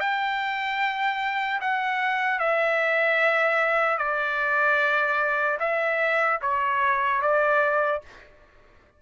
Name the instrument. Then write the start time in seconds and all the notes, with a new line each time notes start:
trumpet
0.00 G5
1.61 F#5
2.39 E5
3.98 D5
5.59 E5
6.42 C#5
7.21 D5